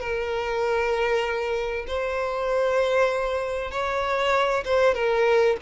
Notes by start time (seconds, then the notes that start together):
0.00 A#4
1.87 C5
3.71 C#5
4.64 C5
4.94 A#4